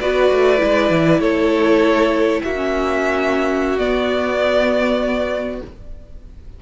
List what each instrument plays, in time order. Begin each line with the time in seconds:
0.00 cello B3, viola F#4, violin B4 D5
0.31 cello A3
0.58 cello G#3, viola E4
0.91 cello E3
1.20 cello A3, violin A4 C#5
2.44 cello A#3, violin F#4 E5
2.56 viola C#4
3.79 viola B3, cello B3, violin D5